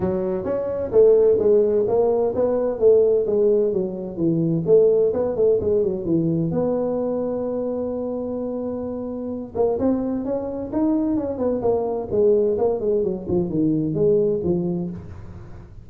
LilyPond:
\new Staff \with { instrumentName = "tuba" } { \time 4/4 \tempo 4 = 129 fis4 cis'4 a4 gis4 | ais4 b4 a4 gis4 | fis4 e4 a4 b8 a8 | gis8 fis8 e4 b2~ |
b1~ | b8 ais8 c'4 cis'4 dis'4 | cis'8 b8 ais4 gis4 ais8 gis8 | fis8 f8 dis4 gis4 f4 | }